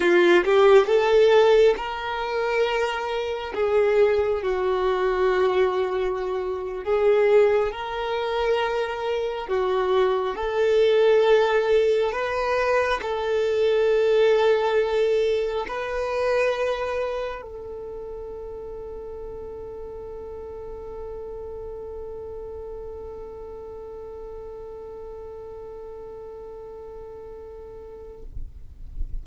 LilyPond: \new Staff \with { instrumentName = "violin" } { \time 4/4 \tempo 4 = 68 f'8 g'8 a'4 ais'2 | gis'4 fis'2~ fis'8. gis'16~ | gis'8. ais'2 fis'4 a'16~ | a'4.~ a'16 b'4 a'4~ a'16~ |
a'4.~ a'16 b'2 a'16~ | a'1~ | a'1~ | a'1 | }